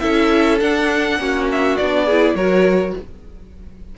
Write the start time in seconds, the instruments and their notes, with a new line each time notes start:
0.00 cello C#4, viola E4, violin A4 E5
0.60 viola D4, cello D4, violin F#5
1.19 cello A#3, viola C#4, violin F#4
1.52 violin E5
1.77 cello B3, viola D4, violin D5
2.06 violin G#4
2.12 viola E4
2.35 cello F#3, viola F#4, violin A#4 C#5